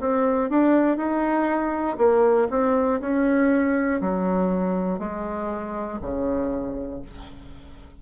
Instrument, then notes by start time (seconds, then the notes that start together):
bassoon
0.00 C4
0.50 D4
0.97 D#4
1.98 A#3
2.50 C4
3.00 C#4
4.01 F#3
4.99 G#3
6.02 C#3